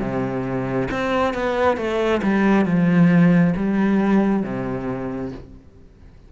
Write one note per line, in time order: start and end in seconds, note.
0.00 0.88 C3
0.91 1.34 C4
1.34 1.77 B3
1.77 2.21 A3
2.23 2.66 G3
2.66 3.54 F3
3.56 4.44 G3
4.44 5.32 C3